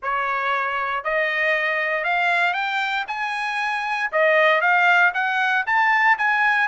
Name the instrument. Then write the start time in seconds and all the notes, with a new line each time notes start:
trumpet
0.02 C#5
1.04 D#5
2.03 F5
2.53 G5
3.07 G#5
4.12 D#5
4.61 F5
5.14 F#5
5.66 A5
6.17 G#5